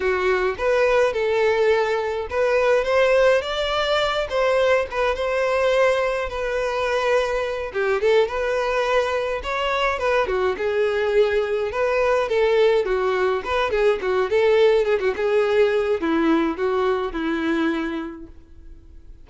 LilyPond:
\new Staff \with { instrumentName = "violin" } { \time 4/4 \tempo 4 = 105 fis'4 b'4 a'2 | b'4 c''4 d''4. c''8~ | c''8 b'8 c''2 b'4~ | b'4. g'8 a'8 b'4.~ |
b'8 cis''4 b'8 fis'8 gis'4.~ | gis'8 b'4 a'4 fis'4 b'8 | gis'8 fis'8 a'4 gis'16 fis'16 gis'4. | e'4 fis'4 e'2 | }